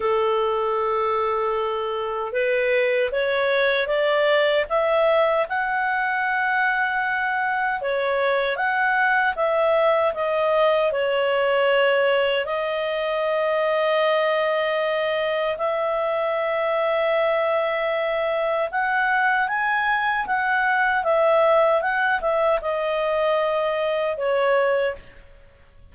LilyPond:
\new Staff \with { instrumentName = "clarinet" } { \time 4/4 \tempo 4 = 77 a'2. b'4 | cis''4 d''4 e''4 fis''4~ | fis''2 cis''4 fis''4 | e''4 dis''4 cis''2 |
dis''1 | e''1 | fis''4 gis''4 fis''4 e''4 | fis''8 e''8 dis''2 cis''4 | }